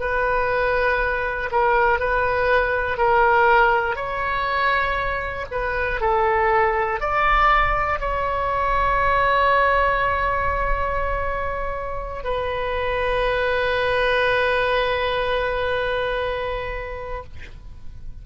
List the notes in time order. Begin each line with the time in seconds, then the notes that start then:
0.00 B4
1.51 A#4
2.00 B4
2.98 A#4
3.96 C#5
5.51 B4
6.01 A4
7.00 D5
8.00 C#5
12.24 B4